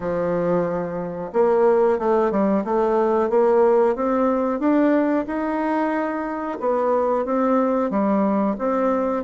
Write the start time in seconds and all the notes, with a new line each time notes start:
0.00 F3
1.32 A#3
1.98 A3
2.31 G3
2.64 A3
3.29 A#3
3.95 C4
4.59 D4
5.27 D#4
6.60 B3
7.25 C4
7.90 G3
8.58 C4